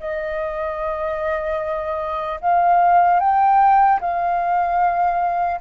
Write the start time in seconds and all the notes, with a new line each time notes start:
0.00 D#5
2.41 F5
3.20 G5
4.01 F5